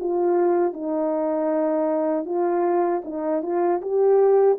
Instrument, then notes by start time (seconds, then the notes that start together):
horn
0.00 F4
0.74 D#4
2.26 F4
3.05 D#4
3.43 F4
3.82 G4